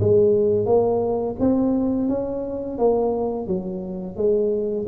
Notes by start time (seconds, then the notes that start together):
0.00 G#3
0.66 A#3
1.40 C4
2.08 C#4
2.78 A#3
3.47 F#3
4.16 G#3